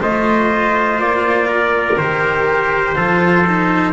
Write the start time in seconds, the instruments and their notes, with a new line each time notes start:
0.00 double bass A3, cello F4, trumpet C5 D#5
0.99 double bass A#3, trumpet D5
1.48 trumpet A#4
1.98 double bass D#3, cello G4, trumpet C5
2.96 double bass F3, cello F4, trumpet A4
3.47 cello D#4